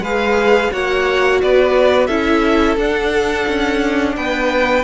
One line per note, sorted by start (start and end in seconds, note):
0.00 0.69 G#3
0.00 0.72 G#4
0.00 0.71 B4
0.00 0.73 F5
0.72 1.42 A#3
0.72 2.09 F#4
0.72 1.41 C#5
0.72 1.42 F#5
1.42 2.09 B3
1.42 2.07 B4
1.42 2.07 D5
2.07 2.77 C#4
2.07 2.78 E4
2.07 4.14 A4
2.07 2.76 E5
2.77 3.46 D4
2.77 4.84 D4
2.77 4.16 F#5
3.48 4.17 C#4
4.16 4.84 B3
4.16 4.84 B4
4.16 4.84 G5